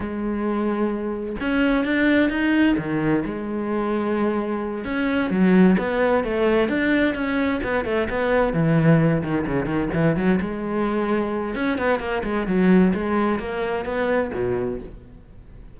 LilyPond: \new Staff \with { instrumentName = "cello" } { \time 4/4 \tempo 4 = 130 gis2. cis'4 | d'4 dis'4 dis4 gis4~ | gis2~ gis8 cis'4 fis8~ | fis8 b4 a4 d'4 cis'8~ |
cis'8 b8 a8 b4 e4. | dis8 cis8 dis8 e8 fis8 gis4.~ | gis4 cis'8 b8 ais8 gis8 fis4 | gis4 ais4 b4 b,4 | }